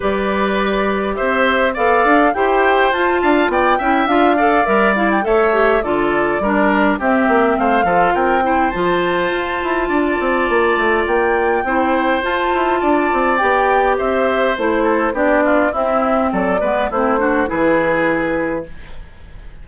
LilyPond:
<<
  \new Staff \with { instrumentName = "flute" } { \time 4/4 \tempo 4 = 103 d''2 e''4 f''4 | g''4 a''4 g''4 f''4 | e''8 f''16 g''16 e''4 d''2 | e''4 f''4 g''4 a''4~ |
a''2. g''4~ | g''4 a''2 g''4 | e''4 c''4 d''4 e''4 | d''4 c''4 b'2 | }
  \new Staff \with { instrumentName = "oboe" } { \time 4/4 b'2 c''4 d''4 | c''4. f''8 d''8 e''4 d''8~ | d''4 cis''4 a'4 ais'4 | g'4 c''8 a'8 ais'8 c''4.~ |
c''4 d''2. | c''2 d''2 | c''4. a'8 g'8 f'8 e'4 | a'8 b'8 e'8 fis'8 gis'2 | }
  \new Staff \with { instrumentName = "clarinet" } { \time 4/4 g'2. a'4 | g'4 f'4. e'8 f'8 a'8 | ais'8 e'8 a'8 g'8 f'4 d'4 | c'4. f'4 e'8 f'4~ |
f'1 | e'4 f'2 g'4~ | g'4 e'4 d'4 c'4~ | c'8 b8 c'8 d'8 e'2 | }
  \new Staff \with { instrumentName = "bassoon" } { \time 4/4 g2 c'4 b8 d'8 | e'4 f'8 d'8 b8 cis'8 d'4 | g4 a4 d4 g4 | c'8 ais8 a8 f8 c'4 f4 |
f'8 e'8 d'8 c'8 ais8 a8 ais4 | c'4 f'8 e'8 d'8 c'8 b4 | c'4 a4 b4 c'4 | fis8 gis8 a4 e2 | }
>>